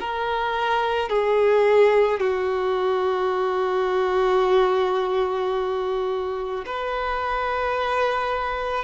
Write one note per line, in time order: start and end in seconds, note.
0.00 1.09 A#4
1.09 2.20 G#4
2.20 6.65 F#4
6.66 8.84 B4